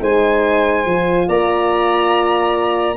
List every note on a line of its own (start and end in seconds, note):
0.00 0.85 G#3
0.00 0.85 D#4
0.00 1.27 C5
0.00 1.29 G#5
0.85 1.28 F3
0.85 2.96 F4
1.27 2.96 A#3
1.27 2.96 D5
1.27 2.96 A#5